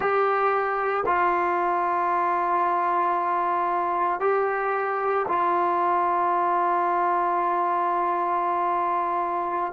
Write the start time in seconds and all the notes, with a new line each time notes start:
0.00 G4
1.05 F4
4.20 G4
5.27 F4